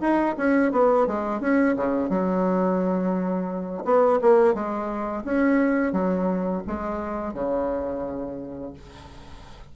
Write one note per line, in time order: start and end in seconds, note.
0.00 0.35 D#4
0.37 0.72 C#4
0.72 1.07 B3
1.07 1.40 G#3
1.40 1.75 C#4
1.76 2.09 C#3
2.09 3.84 F#3
3.84 4.19 B3
4.21 4.54 A#3
4.54 5.24 G#3
5.25 5.92 C#4
5.92 6.62 F#3
6.67 7.34 G#3
7.34 8.73 C#3